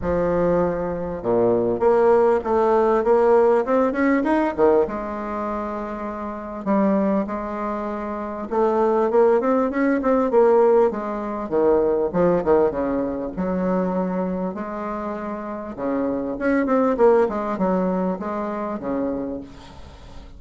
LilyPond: \new Staff \with { instrumentName = "bassoon" } { \time 4/4 \tempo 4 = 99 f2 ais,4 ais4 | a4 ais4 c'8 cis'8 dis'8 dis8 | gis2. g4 | gis2 a4 ais8 c'8 |
cis'8 c'8 ais4 gis4 dis4 | f8 dis8 cis4 fis2 | gis2 cis4 cis'8 c'8 | ais8 gis8 fis4 gis4 cis4 | }